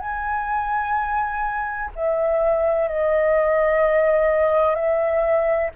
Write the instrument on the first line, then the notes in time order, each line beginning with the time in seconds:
flute
0.00 G#5
1.96 E5
2.89 D#5
4.75 E5